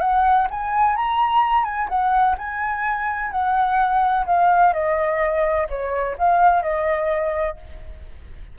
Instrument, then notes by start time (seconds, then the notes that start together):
flute
0.00 F#5
0.50 G#5
0.96 A#5
1.64 G#5
1.89 F#5
2.38 G#5
3.31 F#5
4.26 F5
4.73 D#5
5.69 C#5
6.18 F5
6.62 D#5